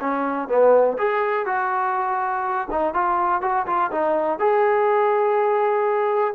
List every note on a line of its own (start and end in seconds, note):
0.00 0.48 C#4
0.48 0.97 B3
0.98 1.46 G#4
1.46 2.68 F#4
2.71 2.94 D#4
2.94 3.41 F4
3.41 3.66 F#4
3.66 3.90 F4
3.91 4.39 D#4
4.39 6.34 G#4